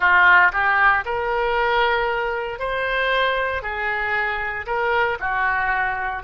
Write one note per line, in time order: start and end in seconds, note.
0.00 0.52 F4
0.52 1.04 G4
1.05 2.59 A#4
2.59 3.62 C5
3.62 4.66 G#4
4.66 5.17 A#4
5.20 6.23 F#4